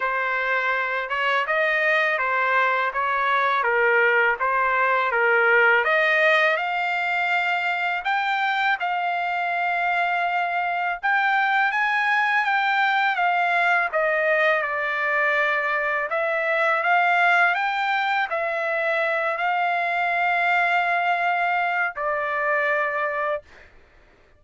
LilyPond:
\new Staff \with { instrumentName = "trumpet" } { \time 4/4 \tempo 4 = 82 c''4. cis''8 dis''4 c''4 | cis''4 ais'4 c''4 ais'4 | dis''4 f''2 g''4 | f''2. g''4 |
gis''4 g''4 f''4 dis''4 | d''2 e''4 f''4 | g''4 e''4. f''4.~ | f''2 d''2 | }